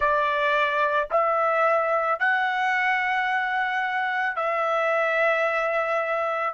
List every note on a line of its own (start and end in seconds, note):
0.00 1.09 D5
1.10 2.19 E5
2.19 4.35 F#5
4.35 6.54 E5